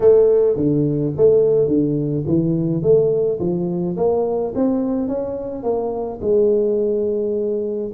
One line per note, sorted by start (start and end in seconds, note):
0.00 0.56 A3
0.56 1.13 D3
1.16 1.67 A3
1.67 2.24 D3
2.26 2.82 E3
2.82 3.39 A3
3.39 3.96 F3
3.96 4.53 A#3
4.55 5.08 C4
5.08 5.63 C#4
5.63 6.19 A#3
6.21 7.91 G#3